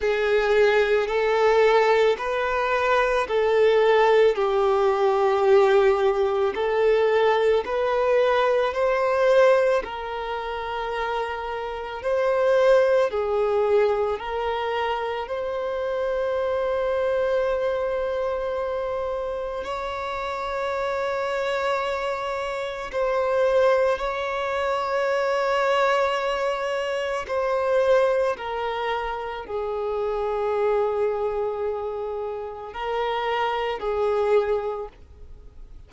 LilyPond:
\new Staff \with { instrumentName = "violin" } { \time 4/4 \tempo 4 = 55 gis'4 a'4 b'4 a'4 | g'2 a'4 b'4 | c''4 ais'2 c''4 | gis'4 ais'4 c''2~ |
c''2 cis''2~ | cis''4 c''4 cis''2~ | cis''4 c''4 ais'4 gis'4~ | gis'2 ais'4 gis'4 | }